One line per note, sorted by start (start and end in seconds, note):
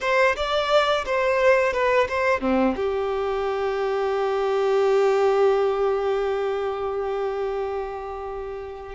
0.01 0.35 C5
0.36 1.05 D5
1.05 1.73 C5
1.73 2.07 B4
2.08 2.40 C5
2.40 2.75 C4
2.76 8.95 G4